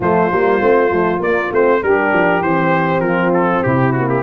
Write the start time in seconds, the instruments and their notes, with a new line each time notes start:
0.00 tuba F3, horn A3, saxophone F4, trumpet C5
0.31 tuba G3, horn A#3
0.60 tuba A3, horn C4
0.89 tuba F3, horn A3
1.19 tuba A#3, horn A#3, trumpet D5
1.51 tuba A3, horn C4, trumpet C5
1.82 tuba G3, horn D4, saxophone G4, trumpet A#4
2.13 tuba F3
2.41 tuba E3, horn C4, trumpet C5
2.99 tuba F3, saxophone F4, trumpet A#4
3.33 trumpet A4
3.62 tuba C3, saxophone E4, trumpet G4
3.92 horn A#3, trumpet F#4
4.08 trumpet G4